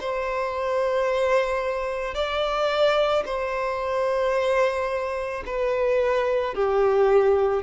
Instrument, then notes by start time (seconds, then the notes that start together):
violin
0.00 C5
2.14 D5
3.25 C5
5.46 B4
6.54 G4